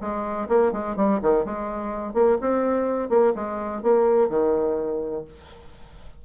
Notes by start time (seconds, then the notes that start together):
0.00 G#3
0.48 A#3
0.72 G#3
0.96 G3
1.22 D#3
1.45 G#3
2.13 A#3
2.40 C4
3.09 A#3
3.35 G#3
3.82 A#3
4.29 D#3